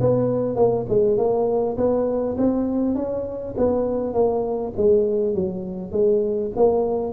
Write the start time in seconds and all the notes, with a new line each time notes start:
0.00 B3
0.56 A#3
0.89 G#3
1.17 A#3
1.77 B3
2.37 C4
2.95 C#4
3.57 B3
4.13 A#3
4.77 G#3
5.34 F#3
5.91 G#3
6.56 A#3